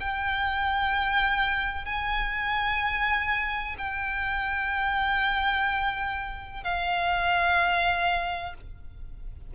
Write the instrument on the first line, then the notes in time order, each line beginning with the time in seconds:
violin
0.00 G5
1.85 G#5
3.78 G5
6.64 F5